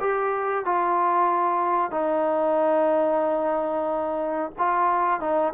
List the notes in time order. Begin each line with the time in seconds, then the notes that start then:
0.00 G4
0.65 F4
1.91 D#4
4.58 F4
5.20 D#4